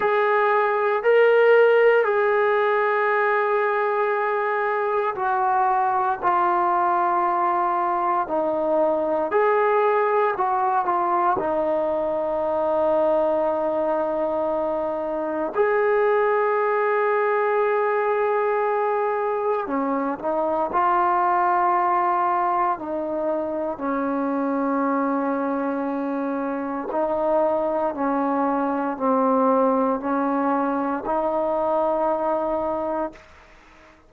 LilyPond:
\new Staff \with { instrumentName = "trombone" } { \time 4/4 \tempo 4 = 58 gis'4 ais'4 gis'2~ | gis'4 fis'4 f'2 | dis'4 gis'4 fis'8 f'8 dis'4~ | dis'2. gis'4~ |
gis'2. cis'8 dis'8 | f'2 dis'4 cis'4~ | cis'2 dis'4 cis'4 | c'4 cis'4 dis'2 | }